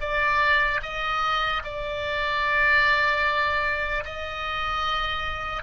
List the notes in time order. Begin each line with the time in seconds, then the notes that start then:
0.00 D5
0.82 D#5
1.64 D5
4.05 D#5